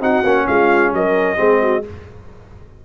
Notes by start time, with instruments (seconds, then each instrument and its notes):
0.00 tuba C4, trombone D#4, horn F#4, trumpet F#5
0.23 tuba A#3, trombone C#4
0.47 tuba G#3, horn F4, trumpet F5
0.93 tuba F#3, horn A#4, trumpet D#5
1.36 tuba G#3, trombone C4, horn G#4
1.62 horn F#4